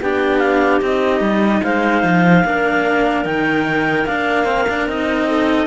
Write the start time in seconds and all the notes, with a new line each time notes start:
0.00 B3 D4 G4 G5
0.38 F5
0.80 C4 D#4 D#5
1.20 G3
1.62 G#3 C5 F5
2.03 F3
2.45 A#3 D4 A#4
3.24 D#3 D#4 G5
4.06 A#3 D4 F5
4.44 C4
4.69 D4
4.86 C4 D#4 D#5
5.27 A4